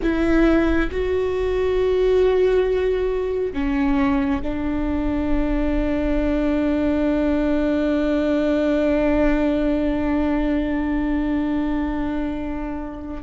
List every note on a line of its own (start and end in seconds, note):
0.02 0.90 E4
0.91 3.53 F#4
3.53 4.41 C#4
4.42 13.22 D4